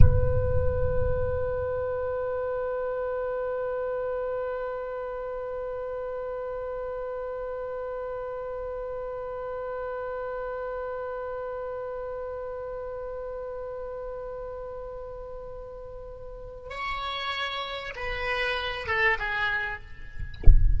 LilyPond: \new Staff \with { instrumentName = "oboe" } { \time 4/4 \tempo 4 = 97 b'1~ | b'1~ | b'1~ | b'1~ |
b'1~ | b'1~ | b'2. cis''4~ | cis''4 b'4. a'8 gis'4 | }